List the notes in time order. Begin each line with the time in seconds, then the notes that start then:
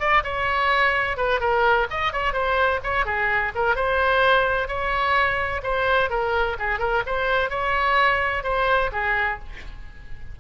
0.00 D5
0.24 C#5
1.18 B4
1.41 A#4
1.91 D#5
2.13 C#5
2.34 C5
2.84 C#5
3.06 G#4
3.55 A#4
3.76 C5
4.68 C#5
5.63 C5
6.10 A#4
6.59 G#4
6.79 A#4
7.07 C5
7.50 C#5
8.44 C5
8.93 G#4